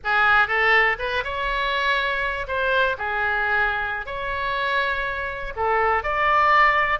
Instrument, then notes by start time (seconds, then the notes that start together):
oboe
0.04 G#4
0.47 A4
0.99 B4
1.24 C#5
2.47 C5
2.98 G#4
4.06 C#5
5.56 A4
6.03 D5